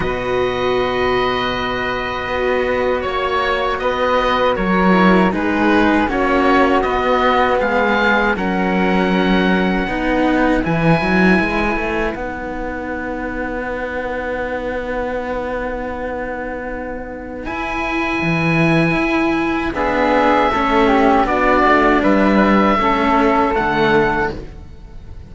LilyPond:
<<
  \new Staff \with { instrumentName = "oboe" } { \time 4/4 \tempo 4 = 79 dis''1 | cis''4 dis''4 cis''4 b'4 | cis''4 dis''4 f''4 fis''4~ | fis''2 gis''2 |
fis''1~ | fis''2. gis''4~ | gis''2 e''2 | d''4 e''2 fis''4 | }
  \new Staff \with { instrumentName = "flute" } { \time 4/4 b'1 | cis''4 b'4 ais'4 gis'4 | fis'2 gis'4 ais'4~ | ais'4 b'2.~ |
b'1~ | b'1~ | b'2 gis'4 a'8 g'8 | fis'4 b'4 a'2 | }
  \new Staff \with { instrumentName = "cello" } { \time 4/4 fis'1~ | fis'2~ fis'8 e'8 dis'4 | cis'4 b2 cis'4~ | cis'4 dis'4 e'2 |
dis'1~ | dis'2. e'4~ | e'2 b4 cis'4 | d'2 cis'4 a4 | }
  \new Staff \with { instrumentName = "cello" } { \time 4/4 b,2. b4 | ais4 b4 fis4 gis4 | ais4 b4 gis4 fis4~ | fis4 b4 e8 fis8 gis8 a8 |
b1~ | b2. e'4 | e4 e'4 d'4 a4 | b8 a8 g4 a4 d4 | }
>>